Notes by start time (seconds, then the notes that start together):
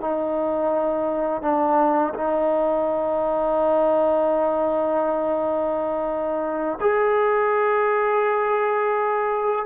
0.00 D#4
1.42 D4
2.14 D#4
6.80 G#4